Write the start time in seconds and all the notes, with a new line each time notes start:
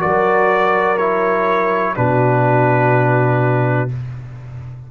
0.00 F#3 F#4 A#4 D5
0.98 E4 C#5
1.96 B2 D4 F#4 B4